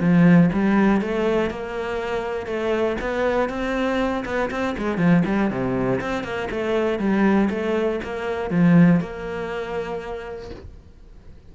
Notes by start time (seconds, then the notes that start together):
0.00 F3
0.53 G3
1.01 A3
1.50 A#3
2.46 A3
3.00 B3
3.49 C4
4.25 B3
4.50 C4
4.77 G#3
4.97 F3
5.25 G3
5.50 C3
6.01 C4
6.23 A#3
6.50 A3
6.99 G3
7.50 A3
8.03 A#3
8.50 F3
9.00 A#3